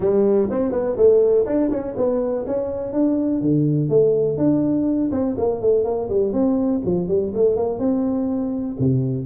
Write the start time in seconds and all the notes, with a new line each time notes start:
0.00 G3
0.50 C4
0.71 B3
0.96 A3
1.46 D4
1.70 C#4
1.96 B3
2.47 C#4
2.92 D4
3.41 D3
3.89 A3
4.37 D4
5.11 C4
5.37 A#3
5.61 A3
5.84 A#3
6.09 G3
6.32 C4
6.84 F3
7.08 G3
7.34 A3
7.56 A#3
7.78 C4
8.79 C3